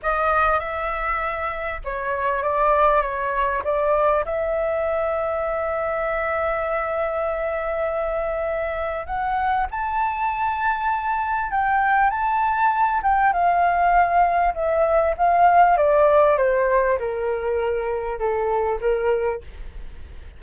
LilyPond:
\new Staff \with { instrumentName = "flute" } { \time 4/4 \tempo 4 = 99 dis''4 e''2 cis''4 | d''4 cis''4 d''4 e''4~ | e''1~ | e''2. fis''4 |
a''2. g''4 | a''4. g''8 f''2 | e''4 f''4 d''4 c''4 | ais'2 a'4 ais'4 | }